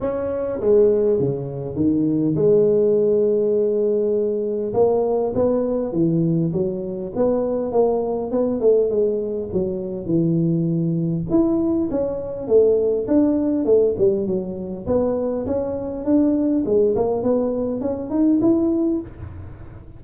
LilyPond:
\new Staff \with { instrumentName = "tuba" } { \time 4/4 \tempo 4 = 101 cis'4 gis4 cis4 dis4 | gis1 | ais4 b4 e4 fis4 | b4 ais4 b8 a8 gis4 |
fis4 e2 e'4 | cis'4 a4 d'4 a8 g8 | fis4 b4 cis'4 d'4 | gis8 ais8 b4 cis'8 dis'8 e'4 | }